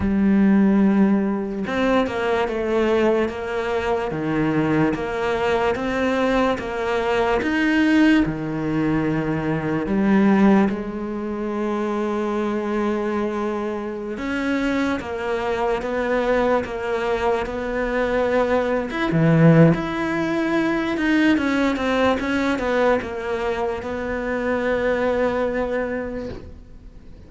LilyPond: \new Staff \with { instrumentName = "cello" } { \time 4/4 \tempo 4 = 73 g2 c'8 ais8 a4 | ais4 dis4 ais4 c'4 | ais4 dis'4 dis2 | g4 gis2.~ |
gis4~ gis16 cis'4 ais4 b8.~ | b16 ais4 b4.~ b16 e'16 e8. | e'4. dis'8 cis'8 c'8 cis'8 b8 | ais4 b2. | }